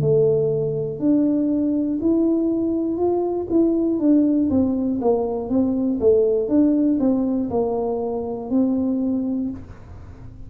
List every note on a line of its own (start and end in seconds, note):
0.00 0.99 A3
0.99 1.99 D4
2.00 2.97 E4
2.97 3.47 F4
3.50 3.99 E4
3.99 4.49 D4
4.50 5.00 C4
5.00 5.49 A#3
5.49 5.99 C4
6.00 6.48 A3
6.48 6.98 D4
6.99 7.49 C4
7.50 8.50 A#3
8.50 9.50 C4